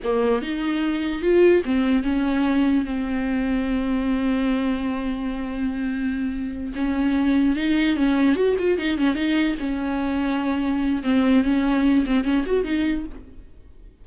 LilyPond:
\new Staff \with { instrumentName = "viola" } { \time 4/4 \tempo 4 = 147 ais4 dis'2 f'4 | c'4 cis'2 c'4~ | c'1~ | c'1~ |
c'8 cis'2 dis'4 cis'8~ | cis'8 fis'8 f'8 dis'8 cis'8 dis'4 cis'8~ | cis'2. c'4 | cis'4. c'8 cis'8 fis'8 dis'4 | }